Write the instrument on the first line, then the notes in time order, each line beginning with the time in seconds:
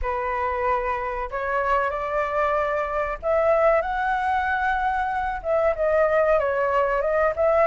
flute
0.01 B4
1.30 C#5
1.90 D5
3.22 E5
3.82 F#5
5.43 E5
5.75 D#5
6.39 C#5
7.01 D#5
7.35 E5